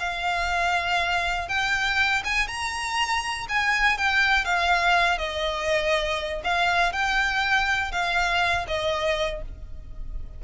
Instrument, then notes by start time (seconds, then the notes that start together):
violin
0.00 F5
1.49 G5
2.25 G#5
2.48 A#5
3.49 G#5
3.98 G5
4.45 F5
5.19 D#5
6.44 F5
6.93 G5
7.92 F5
8.68 D#5